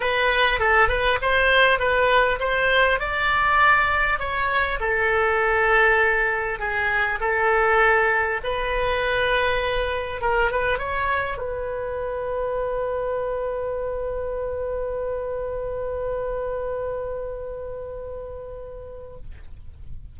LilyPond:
\new Staff \with { instrumentName = "oboe" } { \time 4/4 \tempo 4 = 100 b'4 a'8 b'8 c''4 b'4 | c''4 d''2 cis''4 | a'2. gis'4 | a'2 b'2~ |
b'4 ais'8 b'8 cis''4 b'4~ | b'1~ | b'1~ | b'1 | }